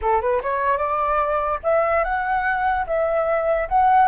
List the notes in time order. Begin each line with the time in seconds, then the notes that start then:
0.01 A4
0.21 B4
0.42 C#5
0.77 D5
1.63 E5
2.04 F#5
2.86 E5
3.68 F#5